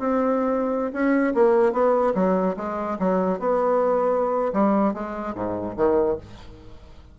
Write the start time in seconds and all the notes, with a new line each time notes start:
0.00 C4
0.93 C#4
1.35 A#3
1.73 B3
2.15 F#3
2.57 G#3
3.00 F#3
3.40 B3
4.53 G3
4.94 G#3
5.35 G#2
5.77 D#3